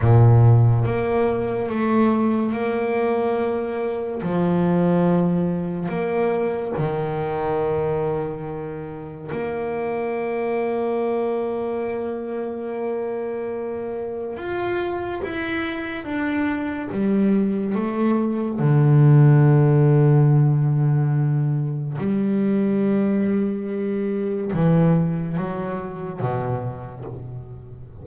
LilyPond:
\new Staff \with { instrumentName = "double bass" } { \time 4/4 \tempo 4 = 71 ais,4 ais4 a4 ais4~ | ais4 f2 ais4 | dis2. ais4~ | ais1~ |
ais4 f'4 e'4 d'4 | g4 a4 d2~ | d2 g2~ | g4 e4 fis4 b,4 | }